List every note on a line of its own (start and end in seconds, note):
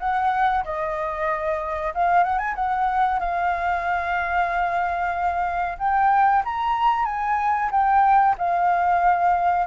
0.00 0.65 F#5
0.65 1.94 D#5
1.95 2.24 F5
2.24 2.39 F#5
2.39 2.55 G#5
2.55 3.20 F#5
3.20 5.78 F5
5.79 6.43 G5
6.45 7.06 A#5
7.06 7.70 G#5
7.71 8.36 G5
8.38 9.67 F5